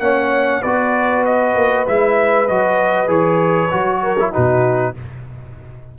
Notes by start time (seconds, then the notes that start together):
0.00 A#3 C#4 C#5 F#5
0.62 B3 F#4 B4 D5
1.25 D#5
1.55 A#3
1.87 G#3 E4 E5
2.48 F#3 F#4 D#5
3.07 E3 G#4 C#5
3.71 F#3 F#4
4.03 A#4
4.19 E4
4.32 B2 D#4 F#4 B4